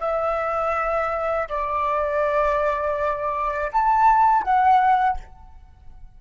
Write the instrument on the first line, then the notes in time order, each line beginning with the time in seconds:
flute
0.00 E5
1.48 D5
3.72 A5
4.43 F#5